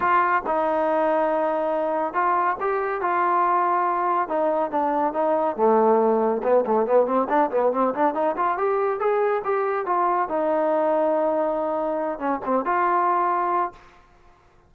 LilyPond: \new Staff \with { instrumentName = "trombone" } { \time 4/4 \tempo 4 = 140 f'4 dis'2.~ | dis'4 f'4 g'4 f'4~ | f'2 dis'4 d'4 | dis'4 a2 b8 a8 |
b8 c'8 d'8 b8 c'8 d'8 dis'8 f'8 | g'4 gis'4 g'4 f'4 | dis'1~ | dis'8 cis'8 c'8 f'2~ f'8 | }